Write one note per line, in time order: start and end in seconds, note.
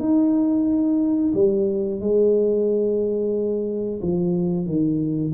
0.00 1.33 D#4
1.34 2.01 G3
2.01 4.01 G#3
4.02 4.66 F3
4.66 5.33 D#3